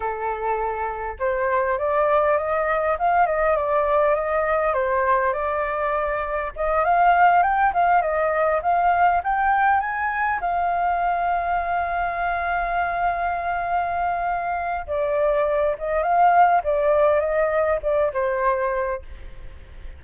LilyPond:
\new Staff \with { instrumentName = "flute" } { \time 4/4 \tempo 4 = 101 a'2 c''4 d''4 | dis''4 f''8 dis''8 d''4 dis''4 | c''4 d''2 dis''8 f''8~ | f''8 g''8 f''8 dis''4 f''4 g''8~ |
g''8 gis''4 f''2~ f''8~ | f''1~ | f''4 d''4. dis''8 f''4 | d''4 dis''4 d''8 c''4. | }